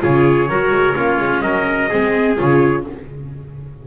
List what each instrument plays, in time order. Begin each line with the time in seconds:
0.00 double bass C#3, viola F4, trumpet G#4 C#5
0.49 double bass F#3, viola F#4, trumpet A#4
0.71 double bass G#3
0.95 double bass A#3, viola C#4, trumpet F4
1.19 double bass G#3
1.41 double bass F#3, trumpet A#4 D#5
1.89 double bass G#3, viola C4, trumpet G#4
2.37 double bass C#3, viola F4, trumpet C#5